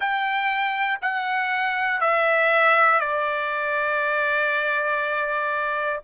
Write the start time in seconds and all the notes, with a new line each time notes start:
0.00 G5
1.01 F#5
2.00 E5
3.00 D5